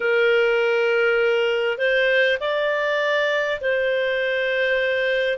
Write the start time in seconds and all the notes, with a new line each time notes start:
0.00 A#4
1.77 C5
2.40 D5
3.60 C5